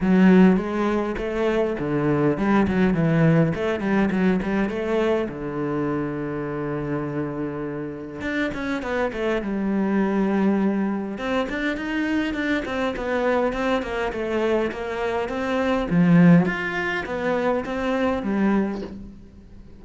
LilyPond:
\new Staff \with { instrumentName = "cello" } { \time 4/4 \tempo 4 = 102 fis4 gis4 a4 d4 | g8 fis8 e4 a8 g8 fis8 g8 | a4 d2.~ | d2 d'8 cis'8 b8 a8 |
g2. c'8 d'8 | dis'4 d'8 c'8 b4 c'8 ais8 | a4 ais4 c'4 f4 | f'4 b4 c'4 g4 | }